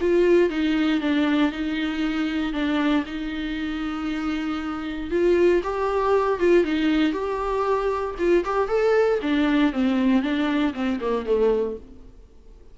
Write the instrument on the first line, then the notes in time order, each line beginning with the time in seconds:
viola
0.00 F4
0.49 D#4
1.00 D4
1.52 D#4
2.52 D4
3.05 D#4
5.10 F4
5.63 G4
6.39 F4
6.64 D#4
7.12 G4
8.18 F4
8.44 G4
8.68 A4
9.21 D4
9.72 C4
10.22 D4
10.73 C4
11.00 A#3
11.25 A3